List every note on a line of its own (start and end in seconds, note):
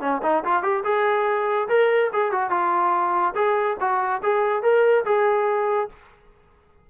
0.00 0.21 C#4
0.23 0.43 D#4
0.44 0.62 F4
0.62 0.83 G4
0.84 1.68 G#4
1.68 2.10 A#4
2.13 2.32 G#4
2.32 2.50 F#4
2.50 3.34 F4
3.35 3.77 G#4
3.80 4.22 F#4
4.22 4.62 G#4
4.62 5.04 A#4
5.05 5.89 G#4